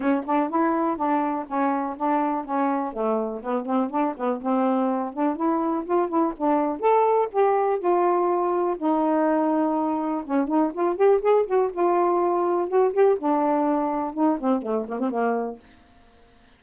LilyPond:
\new Staff \with { instrumentName = "saxophone" } { \time 4/4 \tempo 4 = 123 cis'8 d'8 e'4 d'4 cis'4 | d'4 cis'4 a4 b8 c'8 | d'8 b8 c'4. d'8 e'4 | f'8 e'8 d'4 a'4 g'4 |
f'2 dis'2~ | dis'4 cis'8 dis'8 f'8 g'8 gis'8 fis'8 | f'2 fis'8 g'8 d'4~ | d'4 dis'8 c'8 a8 ais16 c'16 ais4 | }